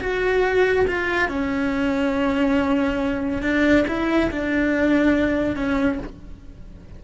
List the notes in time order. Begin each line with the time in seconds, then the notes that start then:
0.00 F#4
0.87 F4
1.28 C#4
3.42 D4
3.87 E4
4.31 D4
5.56 C#4